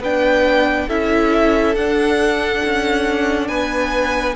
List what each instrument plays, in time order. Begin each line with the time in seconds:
0.00 cello B3, viola D4, violin B4 G5
0.88 cello C#4, viola E4, violin A4 E5
1.75 cello D4, viola D4, violin F#5
2.65 cello C#4
3.48 cello B3, violin B4 G#5